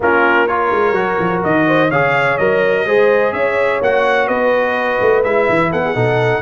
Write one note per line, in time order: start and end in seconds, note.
0.00 0.71 A#3
0.00 0.48 C#4
0.00 0.48 F4
0.00 0.47 A#4
0.47 0.94 F4
0.47 1.67 A#4
0.47 1.42 C#5
0.71 0.91 G#3
0.91 1.15 F#3
0.91 1.89 F#4
1.19 1.42 F3
1.43 1.91 D#3
1.43 1.90 D#5
1.67 1.90 C5
1.90 2.38 C#3
1.90 2.39 G#4
1.90 2.85 C#5
1.90 2.37 F5
2.37 2.85 F#3
2.37 2.86 A#4
2.37 3.32 D#5
2.85 3.32 G#3
2.85 3.82 G#4
2.85 3.33 C5
3.32 3.80 C#4
3.32 4.27 C#5
3.32 3.80 E5
3.81 4.27 A#3
3.81 5.24 F#4
3.81 4.27 F#5
4.27 4.99 B3
4.27 5.70 B4
4.27 5.22 D#5
5.01 5.24 A3
5.23 5.48 G#3
5.23 5.94 E4
5.23 5.71 E5
5.49 5.72 E3
5.71 5.95 B3
5.71 5.82 A4
5.71 6.42 F#5
5.84 5.95 G#4
5.94 6.42 B2
5.94 6.42 D#4
5.94 6.42 A4